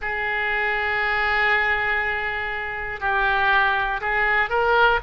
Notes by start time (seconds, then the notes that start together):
0.01 G#4
3.00 G4
4.00 G#4
4.50 A#4